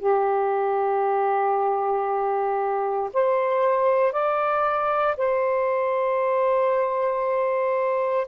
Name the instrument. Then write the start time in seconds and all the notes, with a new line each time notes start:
saxophone
0.00 G4
3.14 C5
4.13 D5
5.18 C5